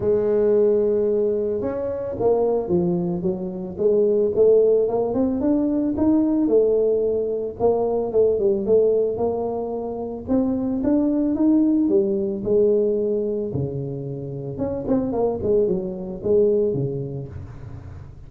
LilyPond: \new Staff \with { instrumentName = "tuba" } { \time 4/4 \tempo 4 = 111 gis2. cis'4 | ais4 f4 fis4 gis4 | a4 ais8 c'8 d'4 dis'4 | a2 ais4 a8 g8 |
a4 ais2 c'4 | d'4 dis'4 g4 gis4~ | gis4 cis2 cis'8 c'8 | ais8 gis8 fis4 gis4 cis4 | }